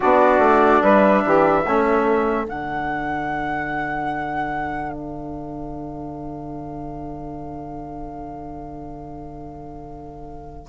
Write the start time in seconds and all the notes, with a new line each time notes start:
0.00 B3 D4 F#4 D5
0.39 A3
0.82 G3 B4 E5
1.24 E3 G4
1.62 A3 C#4 A4
2.45 D3 D4 F#5
4.92 F5